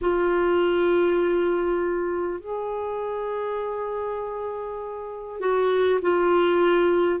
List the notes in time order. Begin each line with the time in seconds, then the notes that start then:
0.01 F4
2.40 G#4
5.39 F#4
6.01 F4